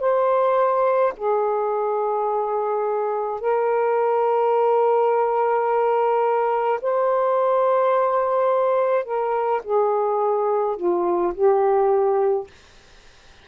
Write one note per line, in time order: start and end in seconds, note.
0.00 1.13 C5
1.17 3.41 G#4
3.41 6.80 A#4
6.82 9.05 C5
9.05 9.62 A#4
9.64 10.77 G#4
10.77 11.34 F4
11.34 12.47 G4